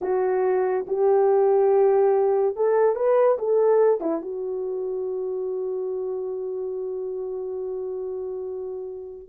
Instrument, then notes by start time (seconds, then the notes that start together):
horn
0.01 F#4
0.87 G4
2.56 A4
2.95 B4
3.38 A4
4.00 E4
4.21 F#4